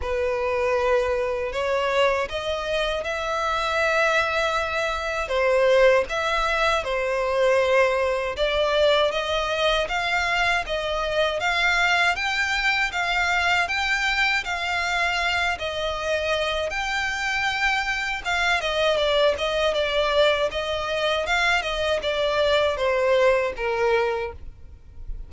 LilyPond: \new Staff \with { instrumentName = "violin" } { \time 4/4 \tempo 4 = 79 b'2 cis''4 dis''4 | e''2. c''4 | e''4 c''2 d''4 | dis''4 f''4 dis''4 f''4 |
g''4 f''4 g''4 f''4~ | f''8 dis''4. g''2 | f''8 dis''8 d''8 dis''8 d''4 dis''4 | f''8 dis''8 d''4 c''4 ais'4 | }